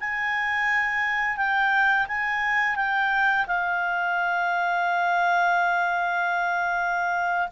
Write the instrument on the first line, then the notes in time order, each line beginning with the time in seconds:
clarinet
0.00 G#5
1.37 G5
2.08 G#5
2.76 G5
3.47 F5